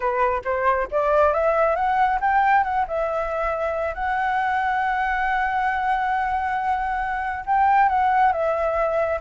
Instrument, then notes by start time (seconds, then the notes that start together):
flute
0.00 B4
0.44 C5
0.91 D5
1.33 E5
1.75 F#5
2.20 G5
2.63 F#5
2.87 E5
3.94 F#5
7.46 G5
7.88 F#5
8.32 E5